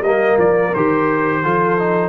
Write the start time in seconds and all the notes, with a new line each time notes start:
0.00 G3 A#3 A#4 D#5
0.37 F3 D5
0.74 D#3 G4 C5
1.43 F3 F4 A4
1.79 D#4